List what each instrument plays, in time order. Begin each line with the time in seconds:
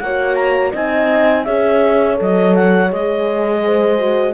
0.00 cello A#3, horn F#4 C#5, clarinet F#5
0.35 clarinet A#5
0.72 cello C4, horn D#4 D#5, clarinet G#5
1.45 cello C#4, horn G#4 C#5, clarinet E5
2.17 cello F#3, horn A4, clarinet D#5
2.55 clarinet F#5
2.90 cello G#3, horn G#4, clarinet D#5
3.66 horn C5
3.98 horn F#4